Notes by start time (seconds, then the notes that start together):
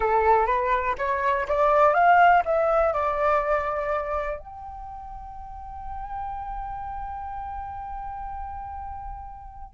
0.00 A4
0.46 B4
0.98 C#5
1.48 D5
1.94 F5
2.45 E5
2.93 D5
4.39 G5